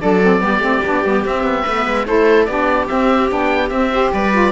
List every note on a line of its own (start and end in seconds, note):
0.00 0.42 F#3
0.00 0.21 D4
0.00 0.42 A4
0.00 1.24 D5
0.23 0.41 C4
0.41 0.59 G3
0.41 0.61 B3
0.41 1.63 G4
0.59 0.80 A3
0.59 0.83 C4
0.85 1.05 B3
0.85 1.05 D4
1.05 1.26 G3
1.05 1.26 B3
1.26 1.44 C4
1.26 1.67 C4
1.26 2.07 E5
1.44 1.64 B3
1.63 1.87 A3
1.63 2.04 B4
1.69 2.07 B3
1.87 2.07 G#3
2.07 2.48 A3
2.07 2.48 E4
2.07 2.49 A4
2.07 2.45 C5
2.45 2.89 B3
2.45 2.88 D4
2.45 3.93 G4
2.45 2.86 D5
2.88 3.29 C4
2.88 3.32 C4
2.88 3.29 E5
3.29 3.71 B3
3.29 3.70 D4
3.29 3.70 G5
3.70 4.12 C4
3.70 3.92 C4
3.70 4.11 E5
3.93 4.33 G4
3.93 4.14 C5
4.13 4.52 G3
4.13 4.52 B4
4.13 4.52 D5
4.33 4.52 F4